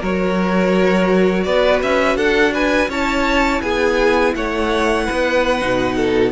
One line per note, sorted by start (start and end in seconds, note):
0.00 1.46 F#3
0.00 2.90 F#4
0.00 1.45 A#4
0.00 1.44 C#5
1.44 1.83 B3
1.44 2.16 B4
1.44 1.80 D5
1.83 2.16 C#4
1.83 2.17 E5
2.16 2.88 D4
2.16 2.53 A4
2.16 2.53 F#5
2.53 2.89 B4
2.53 2.90 G#5
2.88 3.61 C#4
2.88 5.60 E4
2.88 3.62 C#5
2.88 3.62 A5
3.62 4.34 B3
3.62 4.35 G#4
3.62 4.34 G#5
4.35 5.08 A3
4.35 5.05 C#5
4.35 6.32 F#5
5.05 5.95 B4
5.11 5.62 B3
5.60 6.32 B2
5.60 6.32 D#4
5.96 6.32 A4